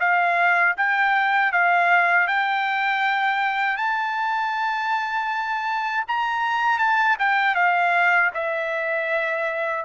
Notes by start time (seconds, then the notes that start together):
0.00 F5
0.77 G5
1.52 F5
2.27 G5
3.77 A5
6.08 A#5
6.79 A5
7.19 G5
7.55 F5
8.34 E5